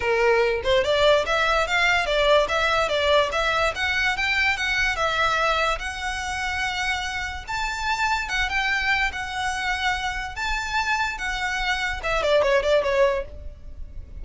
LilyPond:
\new Staff \with { instrumentName = "violin" } { \time 4/4 \tempo 4 = 145 ais'4. c''8 d''4 e''4 | f''4 d''4 e''4 d''4 | e''4 fis''4 g''4 fis''4 | e''2 fis''2~ |
fis''2 a''2 | fis''8 g''4. fis''2~ | fis''4 a''2 fis''4~ | fis''4 e''8 d''8 cis''8 d''8 cis''4 | }